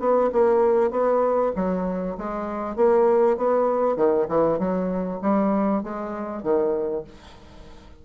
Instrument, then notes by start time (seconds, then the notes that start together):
bassoon
0.00 B3
0.33 A#3
0.91 B3
1.56 F#3
2.18 G#3
2.76 A#3
3.38 B3
3.97 D#3
4.29 E3
4.59 F#3
5.22 G3
5.84 G#3
6.43 D#3